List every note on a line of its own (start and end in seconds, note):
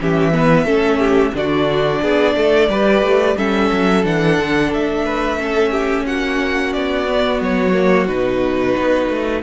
0.00 0.65 E3
0.00 0.33 C#4
0.00 0.34 G4
0.00 1.37 E5
0.33 0.66 B3
0.33 0.65 B4
0.65 1.32 A3
0.65 1.33 C#4
0.65 0.99 A4
0.99 1.32 G4
1.34 2.01 D3
1.34 2.69 D4
1.34 2.02 F#4
1.34 3.37 D5
2.02 2.35 B3
2.02 2.36 G#4
2.35 2.68 A3
2.35 2.69 A4
2.68 3.02 G3
2.68 3.37 G4
2.68 3.37 B4
3.02 3.35 A3
3.37 3.71 G3
3.37 4.03 C#4
3.37 5.05 A4
3.37 4.05 E5
3.71 4.05 F#3
4.03 4.38 E3
4.03 5.38 D4
4.03 4.73 F#5
4.38 4.72 D3
4.73 6.07 A3
4.73 6.06 E5
5.05 5.39 B4
5.38 7.06 C#4
5.38 5.71 A4
5.71 6.05 G4
6.06 6.75 A#3
6.06 9.43 F#4
6.06 6.73 F#5
6.73 7.41 B3
6.73 7.40 D5
7.06 7.73 B3
7.41 8.08 F#3
7.41 8.07 C#5
7.73 8.07 A#3
8.07 8.75 B2
8.07 9.43 D#4
8.07 9.42 B4
8.77 9.09 B3
9.09 9.43 A3